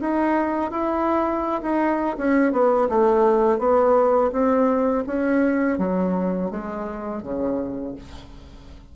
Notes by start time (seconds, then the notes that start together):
0.00 D#4
0.71 E4
1.62 D#4
2.18 C#4
2.52 B3
2.89 A3
3.58 B3
4.32 C4
5.07 C#4
5.78 F#3
6.50 G#3
7.23 C#3